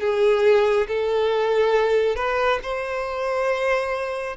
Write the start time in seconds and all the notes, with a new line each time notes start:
0.00 G#4
0.88 A4
2.15 B4
2.62 C5